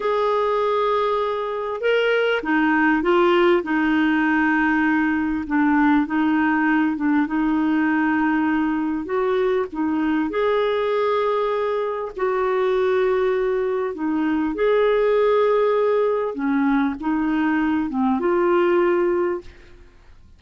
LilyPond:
\new Staff \with { instrumentName = "clarinet" } { \time 4/4 \tempo 4 = 99 gis'2. ais'4 | dis'4 f'4 dis'2~ | dis'4 d'4 dis'4. d'8 | dis'2. fis'4 |
dis'4 gis'2. | fis'2. dis'4 | gis'2. cis'4 | dis'4. c'8 f'2 | }